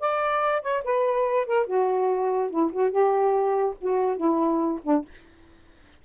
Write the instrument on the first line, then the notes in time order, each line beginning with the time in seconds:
saxophone
0.00 D5
0.62 C#5
0.84 B4
1.46 A#4
1.66 F#4
2.50 E4
2.72 F#4
2.91 G4
3.81 F#4
4.17 E4
4.84 D4